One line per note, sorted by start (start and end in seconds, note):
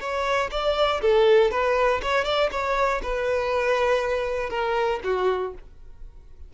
0.00 0.50 C#5
0.51 1.01 D5
1.01 1.51 A4
1.51 2.01 B4
2.02 2.25 C#5
2.25 2.50 D5
2.51 3.01 C#5
3.02 4.50 B4
4.50 5.00 A#4
5.04 5.54 F#4